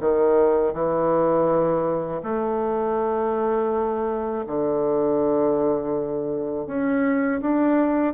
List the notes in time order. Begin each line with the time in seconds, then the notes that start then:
0.00 D#3
0.73 E3
2.23 A3
4.46 D3
6.66 C#4
7.41 D4